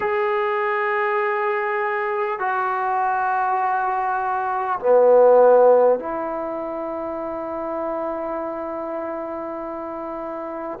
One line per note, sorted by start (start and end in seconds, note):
0.00 2.39 G#4
2.39 4.79 F#4
4.79 5.99 B3
5.99 10.79 E4